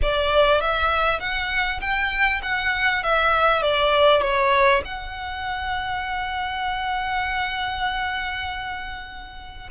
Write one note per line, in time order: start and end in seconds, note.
0.02 0.60 D5
0.60 1.20 E5
1.20 1.80 F#5
1.80 2.41 G5
2.42 3.03 F#5
3.03 3.61 E5
3.61 4.21 D5
4.21 4.82 C#5
4.84 9.69 F#5